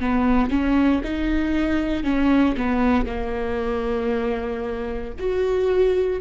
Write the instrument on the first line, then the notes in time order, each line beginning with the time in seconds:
viola
0.00 B3
0.50 C#4
1.04 D#4
2.04 C#4
2.57 B3
3.06 A#3
5.19 F#4